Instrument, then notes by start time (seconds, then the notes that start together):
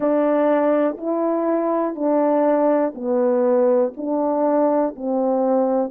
horn
0.00 D4
0.97 E4
1.95 D4
2.95 B3
3.96 D4
4.95 C4